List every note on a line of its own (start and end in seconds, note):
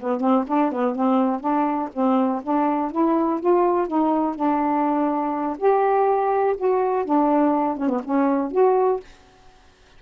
0.00 0.20 B3
0.20 0.45 C4
0.47 0.72 D4
0.72 0.96 B3
0.96 1.40 C4
1.40 1.89 D4
1.93 2.42 C4
2.43 2.92 D4
2.92 3.40 E4
3.40 3.87 F4
3.87 4.36 D#4
4.36 5.58 D4
5.58 6.56 G4
6.57 7.05 F#4
7.05 7.77 D4
7.77 7.89 C#4
7.89 8.01 B3
8.04 8.52 C#4
8.52 9.00 F#4